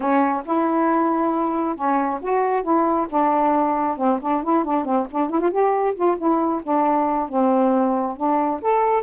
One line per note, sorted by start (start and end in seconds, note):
0.00 0.43 C#4
0.45 1.75 E4
1.75 2.19 C#4
2.21 2.62 F#4
2.62 3.07 E4
3.09 3.97 D4
3.97 4.19 C4
4.21 4.43 D4
4.43 4.64 E4
4.64 4.84 D4
4.84 5.06 C4
5.10 5.30 D4
5.30 5.40 E4
5.40 5.50 F4
5.50 5.94 G4
5.95 6.17 F4
6.17 6.61 E4
6.63 7.28 D4
7.28 8.16 C4
8.16 8.60 D4
8.61 9.03 A4